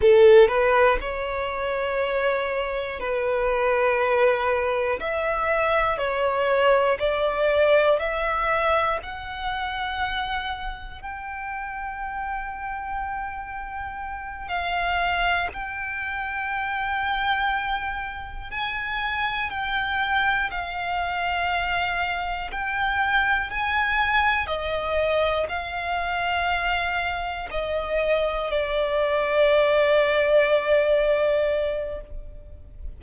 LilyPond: \new Staff \with { instrumentName = "violin" } { \time 4/4 \tempo 4 = 60 a'8 b'8 cis''2 b'4~ | b'4 e''4 cis''4 d''4 | e''4 fis''2 g''4~ | g''2~ g''8 f''4 g''8~ |
g''2~ g''8 gis''4 g''8~ | g''8 f''2 g''4 gis''8~ | gis''8 dis''4 f''2 dis''8~ | dis''8 d''2.~ d''8 | }